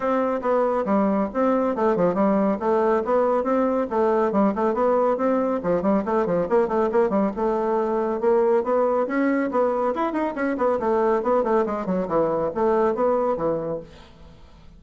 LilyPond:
\new Staff \with { instrumentName = "bassoon" } { \time 4/4 \tempo 4 = 139 c'4 b4 g4 c'4 | a8 f8 g4 a4 b4 | c'4 a4 g8 a8 b4 | c'4 f8 g8 a8 f8 ais8 a8 |
ais8 g8 a2 ais4 | b4 cis'4 b4 e'8 dis'8 | cis'8 b8 a4 b8 a8 gis8 fis8 | e4 a4 b4 e4 | }